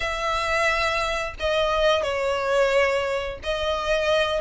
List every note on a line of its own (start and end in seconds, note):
0.00 1.34 E5
1.39 2.03 D#5
2.03 3.39 C#5
3.43 4.41 D#5